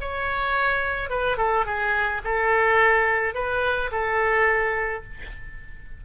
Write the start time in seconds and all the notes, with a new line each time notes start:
0.00 C#5
1.09 B4
1.37 A4
1.65 G#4
2.24 A4
3.34 B4
3.91 A4